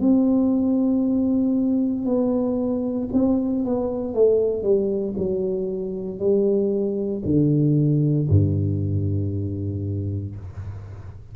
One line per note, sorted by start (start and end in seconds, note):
0.00 2.05 C4
2.05 3.08 B3
3.13 3.64 C4
3.64 4.14 B3
4.14 4.63 A3
4.63 5.14 G3
5.17 6.19 F#3
6.19 7.22 G3
7.25 8.28 D3
8.29 10.35 G2